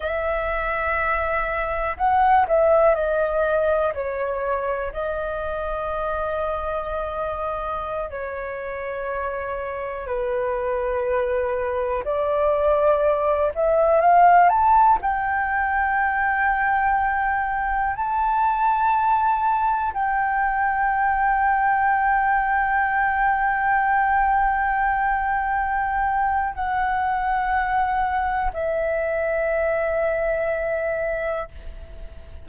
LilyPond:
\new Staff \with { instrumentName = "flute" } { \time 4/4 \tempo 4 = 61 e''2 fis''8 e''8 dis''4 | cis''4 dis''2.~ | dis''16 cis''2 b'4.~ b'16~ | b'16 d''4. e''8 f''8 a''8 g''8.~ |
g''2~ g''16 a''4.~ a''16~ | a''16 g''2.~ g''8.~ | g''2. fis''4~ | fis''4 e''2. | }